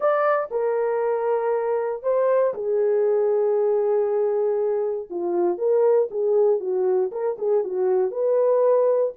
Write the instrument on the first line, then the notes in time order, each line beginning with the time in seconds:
horn
0.00 D5
0.50 A#4
2.02 C5
2.54 G#4
5.10 F4
5.58 A#4
6.10 G#4
6.59 F#4
7.11 A#4
7.38 G#4
7.64 F#4
8.11 B4